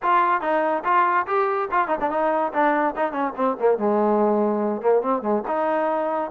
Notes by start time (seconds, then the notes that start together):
0.02 F4
0.41 D#4
0.84 F4
1.27 G4
1.71 F4
1.87 D#4
2.00 D4
2.10 D#4
2.53 D4
2.96 D#4
3.12 C#4
3.36 C4
3.59 A#3
3.78 G#3
4.81 A#3
5.02 C4
5.21 G#3
5.47 D#4